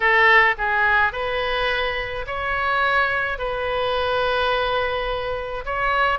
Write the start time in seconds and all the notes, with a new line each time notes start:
0.00 A4
0.58 G#4
1.12 B4
2.26 C#5
3.38 B4
5.64 C#5